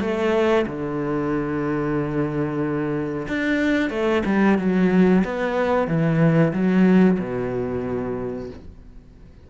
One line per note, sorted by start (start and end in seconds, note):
0.00 0.65 A3
0.66 3.27 D3
3.28 3.90 D4
3.90 4.22 A3
4.25 4.58 G3
4.58 5.23 F#3
5.24 5.87 B3
5.87 6.52 E3
6.53 7.18 F#3
7.19 8.49 B2